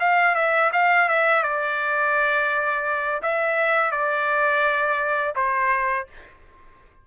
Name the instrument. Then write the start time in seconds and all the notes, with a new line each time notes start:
trumpet
0.00 F5
0.35 E5
0.73 F5
1.08 E5
1.43 D5
3.22 E5
3.92 D5
5.35 C5